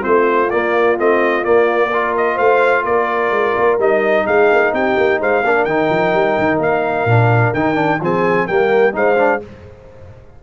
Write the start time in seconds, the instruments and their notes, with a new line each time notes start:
0.00 tuba A3, trombone C4, horn F4, trumpet C5
0.50 trombone A#3, tuba A#3, trumpet D5
0.98 tuba A3, trombone C4, trumpet D#5
1.43 trombone A#3, tuba A#3, trumpet D5
1.90 trombone F4, horn A#4
2.17 trumpet D#5
2.34 tuba A3, horn C5, trumpet F5
2.84 tuba A#3, horn A#4, trumpet D5
3.30 tuba G#3
3.57 tuba A#3
3.78 tuba G3, trombone D#4, trumpet D#5
4.25 tuba G#3, horn G#4, trumpet F5
4.52 tuba A#3
4.72 tuba C4, horn G4, trumpet G5
4.97 tuba A#3
5.20 tuba G#3, horn C5, trumpet F5
5.42 tuba A#3, trombone D4, horn A#4
5.64 tuba D#3, trombone D#4, trumpet G5
5.90 tuba F3
6.13 tuba G3
6.38 tuba D#3
6.58 tuba A#3, trumpet F5
7.05 tuba A#2, trombone D4
7.54 tuba D#3, trombone D#4, trumpet G5
7.75 trombone D4
8.00 tuba F3, trombone C4, horn G#4, trumpet G#5
8.46 tuba G3, trombone A#3, horn A#4, trumpet G5
8.92 tuba G#3, trombone D#4, horn C5, trumpet F5
9.16 trombone D4